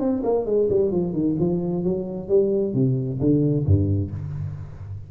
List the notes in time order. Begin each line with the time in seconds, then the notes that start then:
0.00 C4
0.24 A#3
0.46 G#3
0.70 G3
0.92 F3
1.13 D#3
1.40 F3
1.84 F#3
2.29 G3
2.74 C3
3.20 D3
3.66 G2